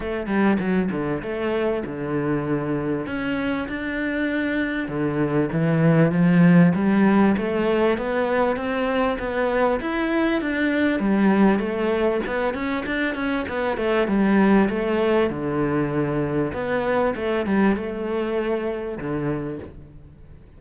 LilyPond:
\new Staff \with { instrumentName = "cello" } { \time 4/4 \tempo 4 = 98 a8 g8 fis8 d8 a4 d4~ | d4 cis'4 d'2 | d4 e4 f4 g4 | a4 b4 c'4 b4 |
e'4 d'4 g4 a4 | b8 cis'8 d'8 cis'8 b8 a8 g4 | a4 d2 b4 | a8 g8 a2 d4 | }